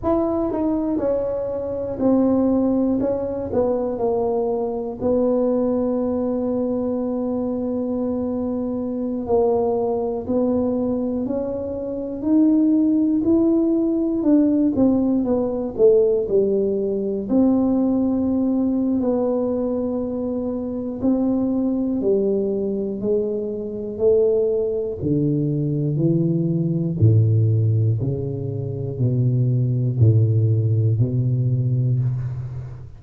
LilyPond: \new Staff \with { instrumentName = "tuba" } { \time 4/4 \tempo 4 = 60 e'8 dis'8 cis'4 c'4 cis'8 b8 | ais4 b2.~ | b4~ b16 ais4 b4 cis'8.~ | cis'16 dis'4 e'4 d'8 c'8 b8 a16~ |
a16 g4 c'4.~ c'16 b4~ | b4 c'4 g4 gis4 | a4 d4 e4 a,4 | cis4 b,4 a,4 b,4 | }